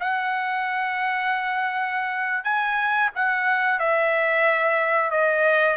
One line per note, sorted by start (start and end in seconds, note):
0.00 2.44 F#5
2.44 3.10 G#5
3.15 3.79 F#5
3.79 5.11 E5
5.11 5.77 D#5